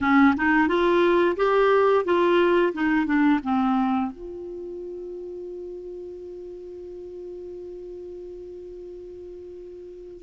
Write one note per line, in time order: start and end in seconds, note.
0.00 0.34 C#4
0.36 0.68 D#4
0.68 1.36 F4
1.36 2.04 G4
2.05 2.73 F4
2.73 3.06 D#4
3.06 3.40 D4
3.43 4.11 C4
4.11 10.23 F4